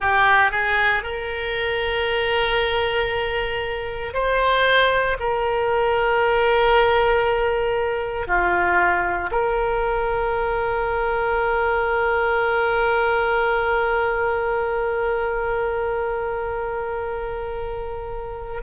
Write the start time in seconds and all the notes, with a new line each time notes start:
0.00 G4
0.51 G#4
1.03 A#4
4.13 C5
5.20 A#4
8.27 F4
9.31 A#4